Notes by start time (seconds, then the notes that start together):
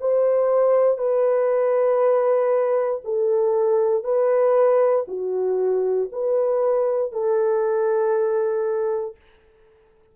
0.00 C5
0.98 B4
3.04 A4
4.04 B4
5.08 F#4
6.12 B4
7.12 A4